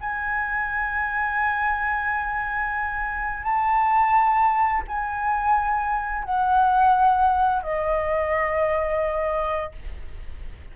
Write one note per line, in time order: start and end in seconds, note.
0.00 3.43 G#5
3.43 4.82 A5
4.87 6.24 G#5
6.24 7.62 F#5
7.62 9.71 D#5